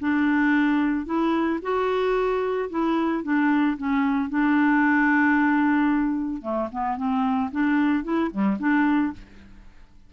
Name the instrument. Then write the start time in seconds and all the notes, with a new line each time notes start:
clarinet
0.00 D4
1.06 E4
1.63 F#4
2.70 E4
3.24 D4
3.78 C#4
4.30 D4
6.42 A3
6.72 B3
6.97 C4
7.51 D4
8.04 E4
8.31 G3
8.60 D4